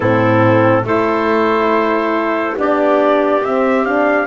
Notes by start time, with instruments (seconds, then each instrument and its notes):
0.00 double bass A2, horn C4, clarinet E4, trumpet A4
0.83 double bass A3, horn E4, clarinet A4, trumpet C5
2.57 double bass B3, horn D4, clarinet G4, trumpet D5
3.44 horn C4, double bass C4, trumpet E5
3.85 horn D4, trumpet F5